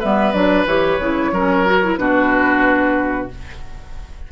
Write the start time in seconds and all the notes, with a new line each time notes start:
0.00 G3 B3 B4 E5
0.32 F#3 D4 D5
0.66 E3 G4 C#5
1.00 C#3 E4
1.32 F#3 C#4 A#4
1.67 F#4
1.84 E4
1.97 B2 D4 F#4 B4